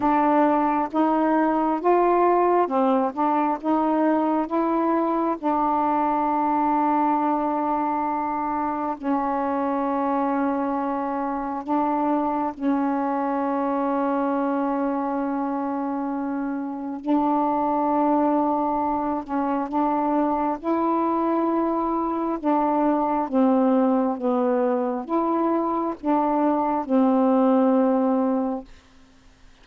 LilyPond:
\new Staff \with { instrumentName = "saxophone" } { \time 4/4 \tempo 4 = 67 d'4 dis'4 f'4 c'8 d'8 | dis'4 e'4 d'2~ | d'2 cis'2~ | cis'4 d'4 cis'2~ |
cis'2. d'4~ | d'4. cis'8 d'4 e'4~ | e'4 d'4 c'4 b4 | e'4 d'4 c'2 | }